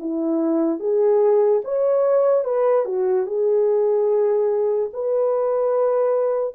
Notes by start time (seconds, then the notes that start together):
0.00 E4
0.80 G#4
1.65 C#5
2.45 B4
2.86 F#4
3.27 G#4
4.94 B4